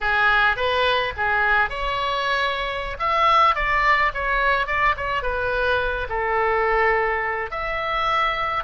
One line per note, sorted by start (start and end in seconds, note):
0.01 0.56 G#4
0.56 1.13 B4
1.16 1.69 G#4
1.69 2.97 C#5
2.99 3.55 E5
3.55 4.11 D5
4.13 4.66 C#5
4.66 4.95 D5
4.97 5.22 C#5
5.22 6.07 B4
6.09 7.50 A4
7.51 8.63 E5